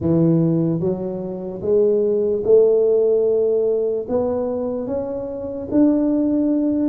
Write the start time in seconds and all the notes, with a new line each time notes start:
0.00 E3
0.80 F#3
1.61 G#3
2.44 A3
4.08 B3
4.86 C#4
5.71 D4